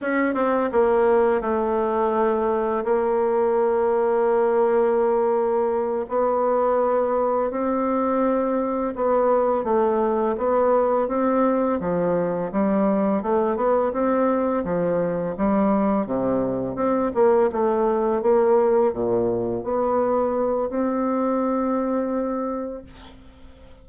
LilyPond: \new Staff \with { instrumentName = "bassoon" } { \time 4/4 \tempo 4 = 84 cis'8 c'8 ais4 a2 | ais1~ | ais8 b2 c'4.~ | c'8 b4 a4 b4 c'8~ |
c'8 f4 g4 a8 b8 c'8~ | c'8 f4 g4 c4 c'8 | ais8 a4 ais4 ais,4 b8~ | b4 c'2. | }